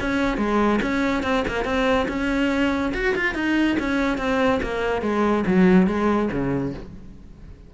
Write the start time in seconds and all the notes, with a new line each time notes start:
0.00 C#4
0.37 G#3
0.82 C#4
1.23 C4
1.48 A#3
1.64 C4
2.08 C#4
2.94 F#4
3.15 F4
3.34 D#4
3.79 C#4
4.18 C4
4.62 A#3
5.02 G#3
5.47 F#3
5.87 G#3
6.31 C#3